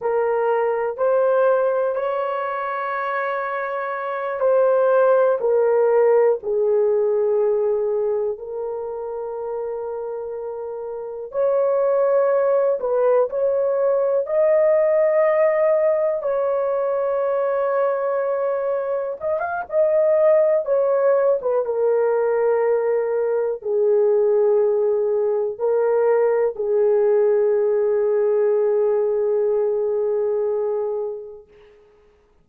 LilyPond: \new Staff \with { instrumentName = "horn" } { \time 4/4 \tempo 4 = 61 ais'4 c''4 cis''2~ | cis''8 c''4 ais'4 gis'4.~ | gis'8 ais'2. cis''8~ | cis''4 b'8 cis''4 dis''4.~ |
dis''8 cis''2. dis''16 f''16 | dis''4 cis''8. b'16 ais'2 | gis'2 ais'4 gis'4~ | gis'1 | }